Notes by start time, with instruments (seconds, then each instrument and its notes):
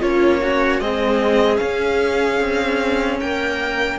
0.00 cello A#3 C#4, viola F4, violin C#5
0.42 viola C#4, cello F#4
0.80 cello G#3 C4, viola G#4, violin D#5
1.58 cello C#4, violin F5
2.40 cello C4
3.21 cello A#3, viola A#4, violin G5